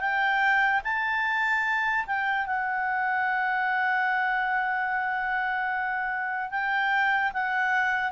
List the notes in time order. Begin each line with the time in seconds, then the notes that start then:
0.00 G5
0.84 A5
2.06 G5
2.46 F#5
6.50 G5
7.33 F#5